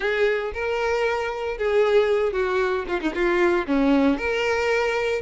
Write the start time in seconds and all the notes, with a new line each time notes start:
0.00 G#4
0.53 A#4
1.57 G#4
2.32 F#4
2.87 F4
3.00 D#4
3.14 F4
3.66 C#4
4.17 A#4